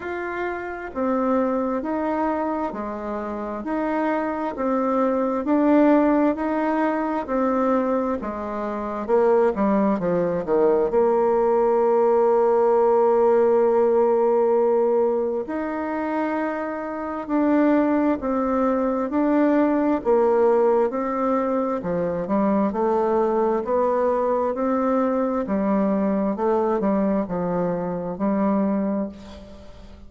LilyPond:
\new Staff \with { instrumentName = "bassoon" } { \time 4/4 \tempo 4 = 66 f'4 c'4 dis'4 gis4 | dis'4 c'4 d'4 dis'4 | c'4 gis4 ais8 g8 f8 dis8 | ais1~ |
ais4 dis'2 d'4 | c'4 d'4 ais4 c'4 | f8 g8 a4 b4 c'4 | g4 a8 g8 f4 g4 | }